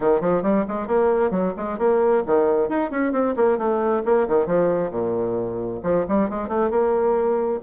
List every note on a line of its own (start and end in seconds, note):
0.00 0.20 D#3
0.20 0.42 F3
0.42 0.64 G3
0.68 0.87 G#3
0.87 1.30 A#3
1.30 1.53 F#3
1.57 1.78 G#3
1.78 2.23 A#3
2.26 2.69 D#3
2.69 2.91 D#4
2.91 3.12 C#4
3.12 3.34 C4
3.36 3.57 A#3
3.57 4.02 A3
4.05 4.27 A#3
4.27 4.46 D#3
4.46 4.91 F3
4.91 5.80 A#2
5.83 6.05 F3
6.08 6.29 G3
6.29 6.48 G#3
6.48 6.70 A3
6.70 7.60 A#3